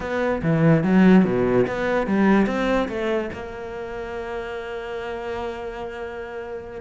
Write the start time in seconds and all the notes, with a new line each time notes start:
0.00 B3
0.42 E3
0.83 F#3
1.24 B2
1.67 B3
2.07 G3
2.46 C4
2.88 A3
3.33 A#3